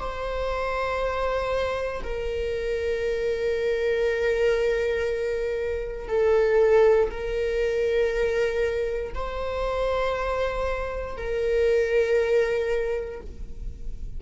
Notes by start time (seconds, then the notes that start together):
0.00 C5
2.04 A#4
6.09 A4
7.11 A#4
9.15 C5
11.18 A#4